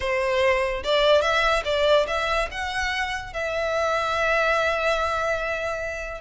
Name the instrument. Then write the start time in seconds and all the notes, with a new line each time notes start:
violin
0.00 C5
0.83 D5
1.21 E5
1.65 D5
2.07 E5
2.51 F#5
3.33 E5